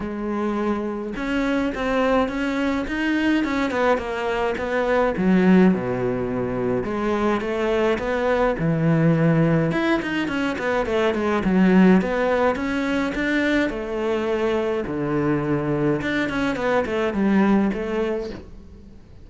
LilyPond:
\new Staff \with { instrumentName = "cello" } { \time 4/4 \tempo 4 = 105 gis2 cis'4 c'4 | cis'4 dis'4 cis'8 b8 ais4 | b4 fis4 b,2 | gis4 a4 b4 e4~ |
e4 e'8 dis'8 cis'8 b8 a8 gis8 | fis4 b4 cis'4 d'4 | a2 d2 | d'8 cis'8 b8 a8 g4 a4 | }